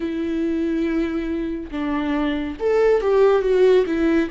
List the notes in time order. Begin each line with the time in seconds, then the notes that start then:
0.00 E4
1.71 D4
2.59 A4
3.01 G4
3.41 F#4
3.86 E4